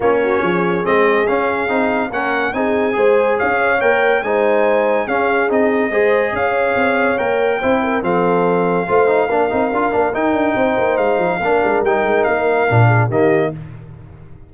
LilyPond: <<
  \new Staff \with { instrumentName = "trumpet" } { \time 4/4 \tempo 4 = 142 cis''2 dis''4 f''4~ | f''4 fis''4 gis''2 | f''4 g''4 gis''2 | f''4 dis''2 f''4~ |
f''4 g''2 f''4~ | f''1 | g''2 f''2 | g''4 f''2 dis''4 | }
  \new Staff \with { instrumentName = "horn" } { \time 4/4 f'8 fis'8 gis'2.~ | gis'4 ais'4 gis'4 c''4 | cis''2 c''2 | gis'2 c''4 cis''4~ |
cis''2 c''8 ais'8 a'4~ | a'4 c''4 ais'2~ | ais'4 c''2 ais'4~ | ais'2~ ais'8 gis'8 g'4 | }
  \new Staff \with { instrumentName = "trombone" } { \time 4/4 cis'2 c'4 cis'4 | dis'4 cis'4 dis'4 gis'4~ | gis'4 ais'4 dis'2 | cis'4 dis'4 gis'2~ |
gis'4 ais'4 e'4 c'4~ | c'4 f'8 dis'8 d'8 dis'8 f'8 d'8 | dis'2. d'4 | dis'2 d'4 ais4 | }
  \new Staff \with { instrumentName = "tuba" } { \time 4/4 ais4 f4 gis4 cis'4 | c'4 ais4 c'4 gis4 | cis'4 ais4 gis2 | cis'4 c'4 gis4 cis'4 |
c'4 ais4 c'4 f4~ | f4 a4 ais8 c'8 d'8 ais8 | dis'8 d'8 c'8 ais8 gis8 f8 ais8 gis8 | g8 gis8 ais4 ais,4 dis4 | }
>>